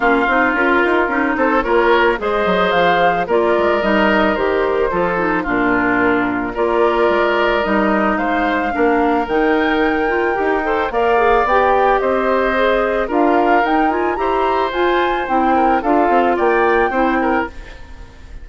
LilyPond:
<<
  \new Staff \with { instrumentName = "flute" } { \time 4/4 \tempo 4 = 110 f''4 ais'4. c''8 cis''4 | dis''4 f''4 d''4 dis''4 | c''2 ais'2 | d''2 dis''4 f''4~ |
f''4 g''2. | f''4 g''4 dis''2 | f''4 g''8 gis''8 ais''4 gis''4 | g''4 f''4 g''2 | }
  \new Staff \with { instrumentName = "oboe" } { \time 4/4 f'2~ f'8 a'8 ais'4 | c''2 ais'2~ | ais'4 a'4 f'2 | ais'2. c''4 |
ais'2.~ ais'8 c''8 | d''2 c''2 | ais'2 c''2~ | c''8 ais'8 a'4 d''4 c''8 ais'8 | }
  \new Staff \with { instrumentName = "clarinet" } { \time 4/4 cis'8 dis'8 f'4 dis'4 f'4 | gis'2 f'4 dis'4 | g'4 f'8 dis'8 d'2 | f'2 dis'2 |
d'4 dis'4. f'8 g'8 a'8 | ais'8 gis'8 g'2 gis'4 | f'4 dis'8 f'8 g'4 f'4 | e'4 f'2 e'4 | }
  \new Staff \with { instrumentName = "bassoon" } { \time 4/4 ais8 c'8 cis'8 dis'8 cis'8 c'8 ais4 | gis8 fis8 f4 ais8 gis8 g4 | dis4 f4 ais,2 | ais4 gis4 g4 gis4 |
ais4 dis2 dis'4 | ais4 b4 c'2 | d'4 dis'4 e'4 f'4 | c'4 d'8 c'8 ais4 c'4 | }
>>